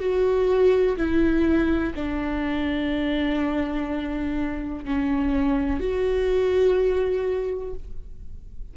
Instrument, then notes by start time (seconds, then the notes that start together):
viola
0.00 F#4
0.97 E4
1.95 D4
4.85 C#4
5.80 F#4